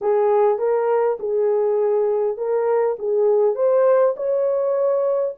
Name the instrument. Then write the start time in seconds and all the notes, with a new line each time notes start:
horn
0.01 G#4
0.58 A#4
1.19 G#4
2.37 A#4
2.98 G#4
3.55 C5
4.16 C#5